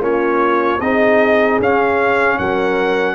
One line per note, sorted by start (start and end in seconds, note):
0.00 0.79 A#3
0.00 0.80 C#4
0.00 0.80 F4
0.00 0.81 C#5
0.80 1.59 C4
0.80 1.62 D#4
0.80 2.39 G#4
0.80 1.60 D#5
1.60 2.39 C#4
1.60 3.15 C#4
1.60 2.38 F5
2.38 3.15 F#3
2.38 3.15 A#4
2.38 3.15 F#5